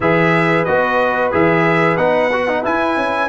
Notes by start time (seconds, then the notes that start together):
0.00 E3 G#4 B4 E5
0.64 B3 F#4 D#5
1.31 E3 G#4 E5
1.97 B3 D#4 F#5
2.32 F#4
2.48 D#4
2.63 E4 G#5
2.96 C#4